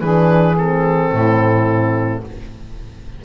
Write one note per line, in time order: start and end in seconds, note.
0.00 1.12 E3
0.00 0.57 D4
0.00 1.11 G#4
0.00 0.56 B4
0.58 2.25 C4
0.58 2.25 A4
1.12 2.23 A2
1.12 2.25 E4